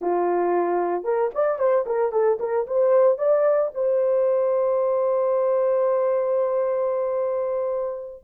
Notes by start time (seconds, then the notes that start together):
0.01 F4
1.04 A#4
1.34 D5
1.58 C5
1.86 A#4
2.11 A4
2.39 A#4
2.67 C5
3.18 D5
3.74 C5